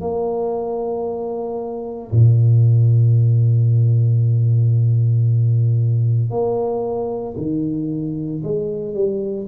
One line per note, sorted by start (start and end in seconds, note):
0.00 2.11 A#3
2.11 6.30 A#2
6.30 7.35 A#3
7.37 8.42 D#3
8.43 8.94 G#3
8.94 9.47 G3